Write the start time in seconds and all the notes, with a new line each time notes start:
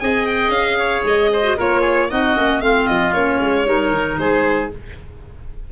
0.00 C4 G#4 D#5 G#5
0.25 G5
0.48 C#4 F5
0.78 C#5
1.03 G#3 D#5
1.32 C5
1.43 F#4
1.57 A#3 F4 A#4 C#5
1.81 G#4
2.10 C4 D#4 F#4 D#5
2.34 A#3 C#4
2.60 A3 C4 F4 F5
2.87 F3 D#5
3.13 A#3 C#4 C#5
3.40 G#3
3.65 G3 D#4 A#4
3.90 D#3
4.18 G#3 G#4 C5